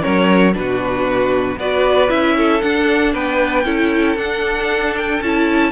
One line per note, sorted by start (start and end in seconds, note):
0.00 0.52 C#4
0.00 0.53 A#4
0.00 0.54 C#5
0.06 0.55 F#3
0.53 1.57 B2
0.53 1.57 D4
0.53 1.58 F#4
0.53 1.58 B4
1.57 2.09 B3
1.57 2.09 F#4
1.57 2.36 B4
1.57 2.10 D5
2.09 2.62 C#4
2.09 2.60 E4
2.09 2.61 E5
2.37 3.13 A4
2.61 3.14 D4
2.61 3.65 D4
2.61 3.13 F#5
3.13 3.65 B3
3.13 3.65 B4
3.13 4.17 G5
3.65 4.16 C#4
3.65 4.16 E4
3.65 5.72 A4
4.16 5.20 D4
4.16 5.22 D4
4.16 4.94 F#5
4.97 5.22 G5
5.21 5.72 C#4
5.21 5.72 E4
5.21 5.72 A5